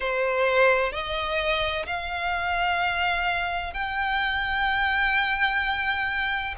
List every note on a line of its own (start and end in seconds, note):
0.00 0.92 C5
0.92 1.86 D#5
1.86 3.73 F5
3.73 6.55 G5